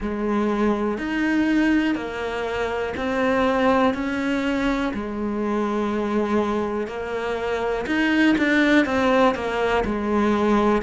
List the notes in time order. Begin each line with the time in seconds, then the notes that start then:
0.00 G#3
0.97 D#4
1.94 A#3
2.96 C4
3.93 C#4
4.93 G#3
6.87 A#3
7.86 D#4
8.37 D4
8.85 C4
9.34 A#3
9.85 G#3